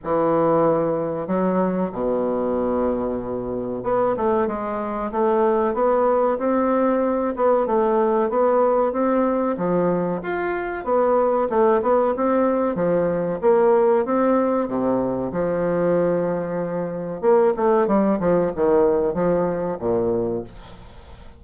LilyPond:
\new Staff \with { instrumentName = "bassoon" } { \time 4/4 \tempo 4 = 94 e2 fis4 b,4~ | b,2 b8 a8 gis4 | a4 b4 c'4. b8 | a4 b4 c'4 f4 |
f'4 b4 a8 b8 c'4 | f4 ais4 c'4 c4 | f2. ais8 a8 | g8 f8 dis4 f4 ais,4 | }